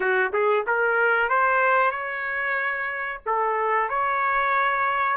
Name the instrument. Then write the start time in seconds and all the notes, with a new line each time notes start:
trumpet
0.00 F#4
0.33 G#4
0.66 A#4
1.29 C5
1.91 C#5
3.26 A4
3.89 C#5